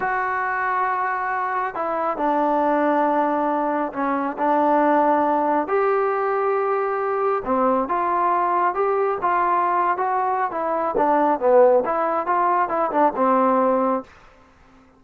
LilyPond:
\new Staff \with { instrumentName = "trombone" } { \time 4/4 \tempo 4 = 137 fis'1 | e'4 d'2.~ | d'4 cis'4 d'2~ | d'4 g'2.~ |
g'4 c'4 f'2 | g'4 f'4.~ f'16 fis'4~ fis'16 | e'4 d'4 b4 e'4 | f'4 e'8 d'8 c'2 | }